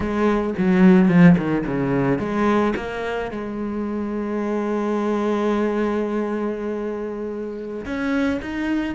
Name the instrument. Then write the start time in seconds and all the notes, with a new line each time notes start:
cello
0.00 G#3
0.58 F#3
1.08 F3
1.37 D#3
1.66 C#3
2.19 G#3
2.75 A#3
3.31 G#3
7.85 C#4
8.41 D#4